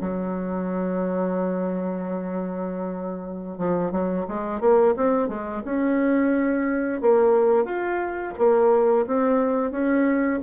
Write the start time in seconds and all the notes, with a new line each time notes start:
0.00 F#3
3.58 F3
3.91 F#3
4.28 G#3
4.60 A#3
4.96 C4
5.28 G#3
5.64 C#4
7.01 A#3
7.65 F4
8.38 A#3
9.07 C4
9.71 C#4